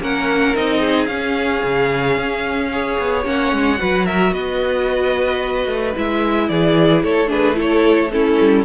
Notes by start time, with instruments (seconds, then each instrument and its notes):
0.00 cello A#3, viola C#4, violin A#4 F#5
0.55 cello C4, viola D#4, violin D#5
0.80 violin G#4
1.06 cello C#4, viola C#4, violin F5
1.63 cello C#3
2.17 cello C#4
2.72 viola G#4, violin C#5
2.98 cello B3
3.25 cello A#3, viola C#4, violin F#5
3.52 cello G#3
3.77 cello F#3, viola F#4, violin B4
4.06 violin A#4 E5
4.31 cello B3, violin B4 D#5
5.66 cello A3
5.95 cello G#3, viola E4, violin E5
6.48 cello E3, violin G#4 D5
7.03 cello A3, violin A4 C#5
7.27 viola D4, violin G#4 B4
7.54 viola E4, violin A4
7.60 violin C#5
8.11 viola C#4, violin E4 A4
8.40 cello G3